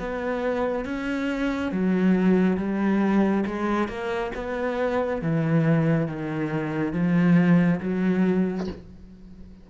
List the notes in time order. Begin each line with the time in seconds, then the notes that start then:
0.00 B3
0.85 C#4
1.72 F#3
2.58 G3
3.47 G#3
3.89 A#3
4.36 B3
5.23 E3
6.08 D#3
6.93 F3
7.81 F#3